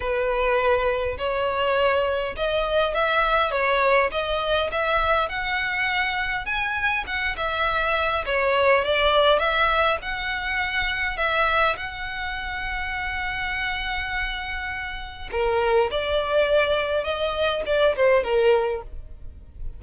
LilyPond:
\new Staff \with { instrumentName = "violin" } { \time 4/4 \tempo 4 = 102 b'2 cis''2 | dis''4 e''4 cis''4 dis''4 | e''4 fis''2 gis''4 | fis''8 e''4. cis''4 d''4 |
e''4 fis''2 e''4 | fis''1~ | fis''2 ais'4 d''4~ | d''4 dis''4 d''8 c''8 ais'4 | }